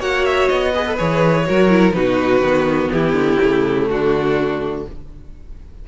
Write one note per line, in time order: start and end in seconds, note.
0.00 0.49 A#3
0.00 0.73 F#4
0.00 0.73 C#5
0.00 0.26 F#5
0.26 0.49 E5
0.49 0.99 B3
0.49 0.97 D#5
0.75 0.87 G#4
0.75 1.47 B4
0.87 0.97 A4
0.97 1.49 E3
0.97 1.45 G#4
0.97 1.93 C#5
1.46 1.96 F#3
1.46 1.70 F#4
1.46 1.96 A#4
1.70 1.93 E4
1.93 2.41 B2
1.93 2.42 D#4
1.93 2.93 F#4
1.93 2.89 B4
2.41 2.89 D#3
2.41 3.41 B3
2.91 3.13 E3
2.91 3.91 E4
2.91 3.88 G4
3.13 3.37 D3
3.41 3.89 C#3
3.41 4.86 A3
3.89 4.86 D3
3.89 4.88 D4
3.89 4.87 F#4